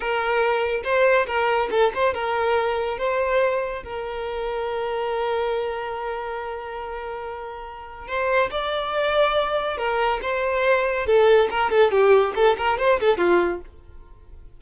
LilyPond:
\new Staff \with { instrumentName = "violin" } { \time 4/4 \tempo 4 = 141 ais'2 c''4 ais'4 | a'8 c''8 ais'2 c''4~ | c''4 ais'2.~ | ais'1~ |
ais'2. c''4 | d''2. ais'4 | c''2 a'4 ais'8 a'8 | g'4 a'8 ais'8 c''8 a'8 f'4 | }